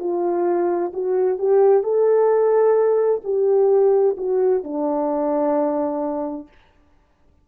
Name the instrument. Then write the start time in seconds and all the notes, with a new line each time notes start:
horn
0.00 F4
0.94 F#4
1.39 G4
1.83 A4
3.24 G4
4.18 F#4
4.64 D4